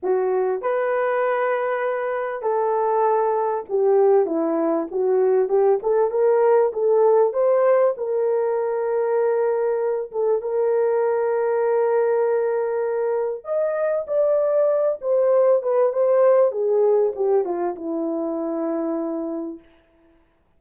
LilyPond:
\new Staff \with { instrumentName = "horn" } { \time 4/4 \tempo 4 = 98 fis'4 b'2. | a'2 g'4 e'4 | fis'4 g'8 a'8 ais'4 a'4 | c''4 ais'2.~ |
ais'8 a'8 ais'2.~ | ais'2 dis''4 d''4~ | d''8 c''4 b'8 c''4 gis'4 | g'8 f'8 e'2. | }